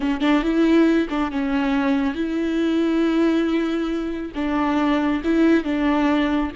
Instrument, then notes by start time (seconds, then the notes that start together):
viola
0.00 C#4
0.21 D4
0.42 E4
1.09 D4
1.31 C#4
2.14 E4
4.35 D4
5.24 E4
5.63 D4